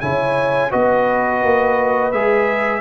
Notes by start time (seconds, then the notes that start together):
0.00 C#3 E4 C#5 G#5
0.70 B3 F#4 B4 D#5
1.43 A#3
2.11 G#3 G#4 E5